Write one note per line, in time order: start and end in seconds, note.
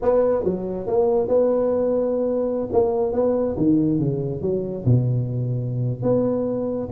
0.01 0.44 B3
0.44 0.86 F#3
0.86 1.28 A#3
1.28 2.68 B3
2.72 3.13 A#3
3.13 3.56 B3
3.57 3.99 D#3
3.99 4.41 C#3
4.41 4.84 F#3
4.85 6.02 B2
6.02 6.88 B3